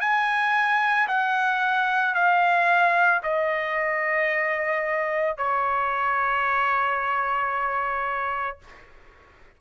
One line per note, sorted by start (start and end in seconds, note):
0.00 1.07 G#5
1.08 2.14 F#5
2.14 3.21 F5
3.22 5.37 D#5
5.37 8.59 C#5